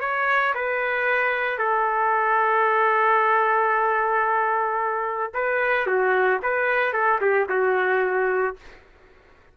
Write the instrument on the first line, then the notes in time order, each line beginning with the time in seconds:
trumpet
0.00 C#5
0.55 B4
1.58 A4
5.34 B4
5.86 F#4
6.42 B4
6.93 A4
7.21 G4
7.49 F#4